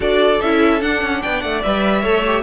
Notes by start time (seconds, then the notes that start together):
0.00 D4 F#4 A4 D5
0.41 C#4 E4 E5
0.80 D4 F#5
1.02 C#4
1.22 B3 D5 G5
1.41 A3 F#5
1.62 G3 B4 E5
2.01 A3 A4 C#5
2.25 G4